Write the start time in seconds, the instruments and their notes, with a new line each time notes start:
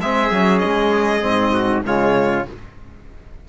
0.00 cello G#3, trombone C4, trumpet G#4, violin E5
0.31 cello F#3, trombone C#4
0.59 cello G#3, violin D#5
1.21 cello G#2, trombone C4
1.52 trumpet F#4
1.84 cello C#3, trombone G#3, trumpet F4, violin C#5